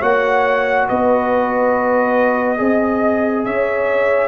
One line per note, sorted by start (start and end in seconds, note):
0.00 0.89 A#3
0.00 2.58 F#4
0.00 0.86 C#5
0.00 0.88 F#5
0.89 2.60 B3
0.89 2.58 B4
0.89 3.45 D#5
2.58 3.46 C4
2.58 4.28 G#4
2.58 3.44 D#5
3.45 4.28 C#4
3.45 4.28 C#5
3.45 4.28 E5